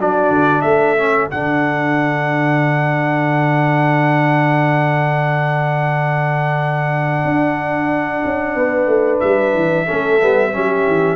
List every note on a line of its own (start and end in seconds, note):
0.00 0.30 F#3
0.00 0.98 D4
0.00 0.64 F#4
0.00 0.62 D5
0.30 0.63 D3
0.62 1.30 A3
0.62 8.56 A4
0.62 1.28 E5
0.98 1.31 C#4
1.31 7.25 D3
1.31 9.87 D4
1.31 9.20 F#5
7.25 8.23 D4
8.25 8.55 C#4
8.55 8.87 B3
8.55 9.87 B4
8.87 9.20 A3
9.20 9.55 G3
9.20 11.16 E5
9.55 9.88 E3
9.87 10.23 A3
9.87 10.20 C#4
9.87 10.53 A4
10.21 10.54 G3
10.21 10.53 B3
10.53 10.87 F#3
10.53 11.16 C#4
10.53 11.16 G4
10.87 11.16 E3